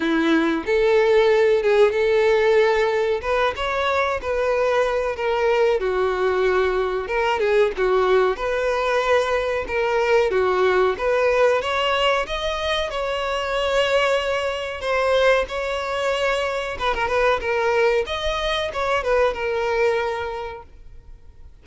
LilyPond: \new Staff \with { instrumentName = "violin" } { \time 4/4 \tempo 4 = 93 e'4 a'4. gis'8 a'4~ | a'4 b'8 cis''4 b'4. | ais'4 fis'2 ais'8 gis'8 | fis'4 b'2 ais'4 |
fis'4 b'4 cis''4 dis''4 | cis''2. c''4 | cis''2 b'16 ais'16 b'8 ais'4 | dis''4 cis''8 b'8 ais'2 | }